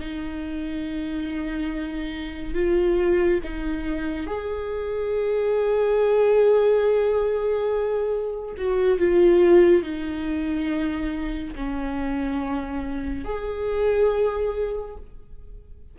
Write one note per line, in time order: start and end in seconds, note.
0.00 2.54 D#4
2.54 3.40 F4
3.44 4.27 D#4
4.27 8.55 G#4
8.58 8.98 F#4
8.98 9.83 F4
9.83 11.54 D#4
11.56 13.25 C#4
13.25 14.96 G#4